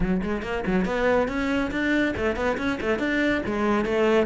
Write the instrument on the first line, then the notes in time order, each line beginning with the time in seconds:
cello
0.00 F#3
0.23 G#3
0.42 A#3
0.66 F#3
0.85 B3
1.28 C#4
1.71 D4
2.16 A3
2.36 B3
2.57 C#4
2.81 A3
2.98 D4
3.46 G#3
3.85 A3